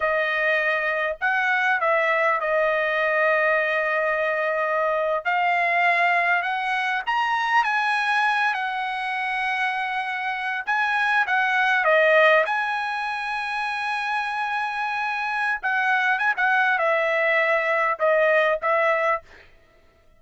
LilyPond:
\new Staff \with { instrumentName = "trumpet" } { \time 4/4 \tempo 4 = 100 dis''2 fis''4 e''4 | dis''1~ | dis''8. f''2 fis''4 ais''16~ | ais''8. gis''4. fis''4.~ fis''16~ |
fis''4.~ fis''16 gis''4 fis''4 dis''16~ | dis''8. gis''2.~ gis''16~ | gis''2 fis''4 gis''16 fis''8. | e''2 dis''4 e''4 | }